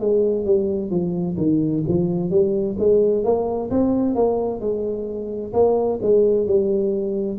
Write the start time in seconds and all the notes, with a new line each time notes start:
0.00 G#3
0.45 G3
0.90 F3
1.37 D#3
1.88 F3
2.30 G3
2.79 G#3
3.24 A#3
3.70 C4
4.15 A#3
4.61 G#3
5.53 A#3
6.02 G#3
6.46 G3